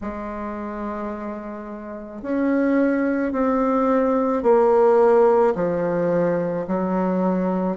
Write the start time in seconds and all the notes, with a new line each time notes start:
0.01 G#3
2.22 C#4
3.32 C4
4.42 A#3
5.55 F3
6.67 F#3